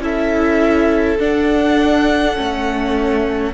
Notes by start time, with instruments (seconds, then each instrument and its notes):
0.00 cello C#4, viola E4, violin A4 E5
1.19 cello D4, viola D4, violin F#5
2.35 cello A3, viola C#4